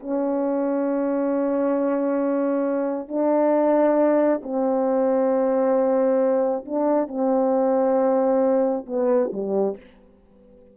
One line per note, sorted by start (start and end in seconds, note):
0.00 3.08 C#4
3.08 4.42 D4
4.43 6.65 C4
6.66 7.08 D4
7.08 8.86 C4
8.87 9.31 B3
9.33 9.77 G3